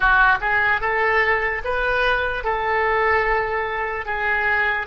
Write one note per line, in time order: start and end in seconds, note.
0.00 0.38 F#4
0.40 0.80 G#4
0.80 1.61 A4
1.64 2.44 B4
2.44 4.05 A4
4.05 4.86 G#4